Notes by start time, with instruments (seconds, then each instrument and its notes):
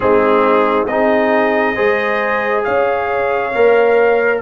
0.00 tuba G#3, trombone C4, horn D#4, trumpet G#4
0.86 tuba C4, trombone D#4, horn G#4, trumpet D#5
1.74 tuba G#3, trombone G#4, horn C5
2.64 tuba C#4, horn C#5, trumpet F5
3.54 tuba A#3, trombone A#4